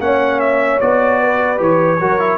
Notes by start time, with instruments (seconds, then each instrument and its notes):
0.00 tuba A#3, trombone C#4, horn C#5, trumpet F#5
0.40 trumpet E5
0.81 tuba B3, trombone F#4, trumpet D5
1.21 horn B4
1.58 tuba E3, trombone G4, trumpet C#5
2.00 tuba F#3, trombone F#4, horn A#4
2.19 trombone E4